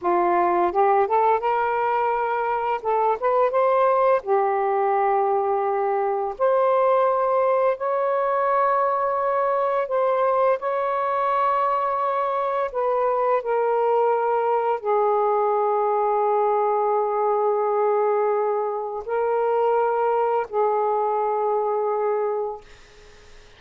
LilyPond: \new Staff \with { instrumentName = "saxophone" } { \time 4/4 \tempo 4 = 85 f'4 g'8 a'8 ais'2 | a'8 b'8 c''4 g'2~ | g'4 c''2 cis''4~ | cis''2 c''4 cis''4~ |
cis''2 b'4 ais'4~ | ais'4 gis'2.~ | gis'2. ais'4~ | ais'4 gis'2. | }